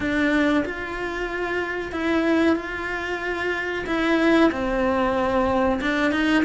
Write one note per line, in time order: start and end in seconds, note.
0.00 0.63 D4
0.65 1.92 F4
1.92 2.56 E4
2.56 3.85 F4
3.86 4.50 E4
4.51 5.80 C4
5.81 6.11 D4
6.11 6.43 D#4